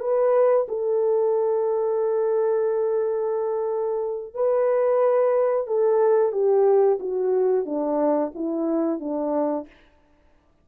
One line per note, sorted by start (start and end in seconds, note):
0.00 0.67 B4
0.69 4.34 A4
4.34 5.67 B4
5.67 6.32 A4
6.32 6.99 G4
7.00 7.66 F#4
7.66 8.32 D4
8.35 9.00 E4
9.00 9.67 D4